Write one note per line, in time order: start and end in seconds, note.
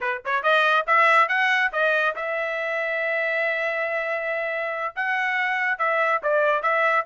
0.00 0.22 B4
0.25 0.42 C#5
0.42 0.85 D#5
0.86 1.28 E5
1.28 1.71 F#5
1.72 2.15 D#5
2.15 4.94 E5
4.95 5.78 F#5
5.78 6.21 E5
6.22 6.62 D5
6.62 7.05 E5